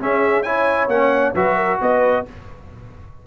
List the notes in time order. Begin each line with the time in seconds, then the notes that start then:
0.00 C#4 G#4 E5
0.43 E4 C#5 G#5
0.88 A#3 C#4 F#5
1.35 F#3 F#4 B4 E5
1.57 A#4
1.81 B3 B4 D#5